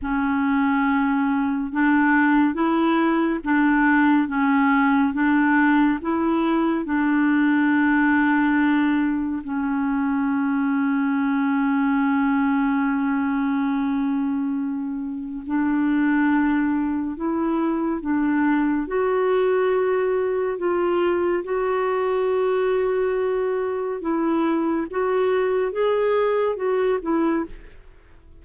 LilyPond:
\new Staff \with { instrumentName = "clarinet" } { \time 4/4 \tempo 4 = 70 cis'2 d'4 e'4 | d'4 cis'4 d'4 e'4 | d'2. cis'4~ | cis'1~ |
cis'2 d'2 | e'4 d'4 fis'2 | f'4 fis'2. | e'4 fis'4 gis'4 fis'8 e'8 | }